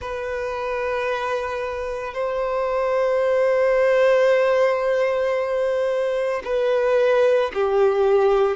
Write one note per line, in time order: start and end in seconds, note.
0.01 2.14 B4
2.14 6.42 C5
6.44 7.51 B4
7.53 8.56 G4